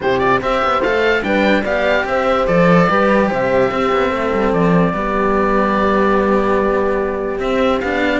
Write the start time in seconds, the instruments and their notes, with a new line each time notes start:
0.00 cello C3 E4, horn G4, oboe C5
0.19 cello F4, oboe D5
0.40 cello C4 G4, horn C5, oboe E5
0.64 cello B3
0.81 cello A3 A4, oboe F5
1.22 cello G3 D4, horn B4, oboe G5
1.63 cello B3 G4, horn D5, oboe F5
2.04 cello C4, horn C5, oboe E5
2.47 cello F3 A4, oboe D5
2.89 cello G3 G4, horn B4
3.29 cello C3, horn C5, oboe E5
3.70 cello C4, horn G4
3.92 cello B3
4.10 cello A3, horn A4
4.33 cello G3
4.52 cello F3, oboe D5
4.93 cello G3 B3, horn G4
7.37 cello C4, oboe E5
7.80 cello B3 D4, oboe F5